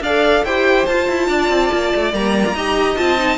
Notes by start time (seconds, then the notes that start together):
0.00 D4 A4 D5 F5
0.44 E4 G4 C5 G5
0.85 F4 A5
1.08 E4
1.27 D4 D5
1.49 C4
1.72 A#3
1.95 A3
2.12 G3 A#3 A#5
2.46 F4
2.54 D#4 G4 D#5
2.96 C4 F4 A5
3.17 D#4